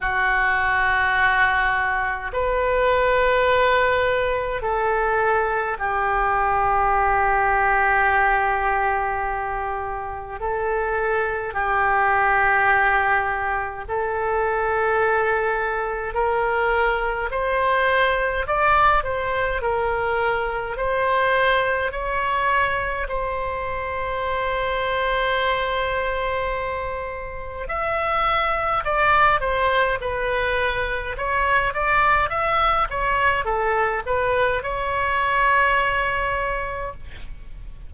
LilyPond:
\new Staff \with { instrumentName = "oboe" } { \time 4/4 \tempo 4 = 52 fis'2 b'2 | a'4 g'2.~ | g'4 a'4 g'2 | a'2 ais'4 c''4 |
d''8 c''8 ais'4 c''4 cis''4 | c''1 | e''4 d''8 c''8 b'4 cis''8 d''8 | e''8 cis''8 a'8 b'8 cis''2 | }